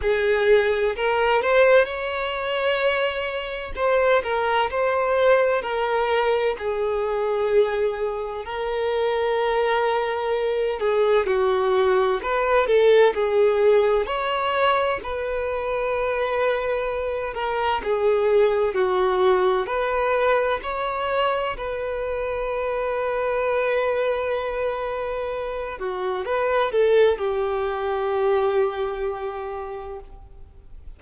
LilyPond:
\new Staff \with { instrumentName = "violin" } { \time 4/4 \tempo 4 = 64 gis'4 ais'8 c''8 cis''2 | c''8 ais'8 c''4 ais'4 gis'4~ | gis'4 ais'2~ ais'8 gis'8 | fis'4 b'8 a'8 gis'4 cis''4 |
b'2~ b'8 ais'8 gis'4 | fis'4 b'4 cis''4 b'4~ | b'2.~ b'8 fis'8 | b'8 a'8 g'2. | }